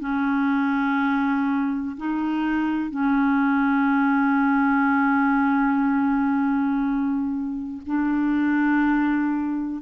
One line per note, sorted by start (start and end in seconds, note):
0.00 1.97 C#4
1.97 2.91 D#4
2.91 7.82 C#4
7.87 9.83 D4